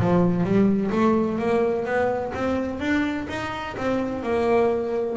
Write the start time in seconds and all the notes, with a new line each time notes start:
0.00 F3
0.43 G3
0.91 A3
1.38 A#3
1.85 B3
2.34 C4
2.80 D4
3.29 D#4
3.76 C4
4.23 A#3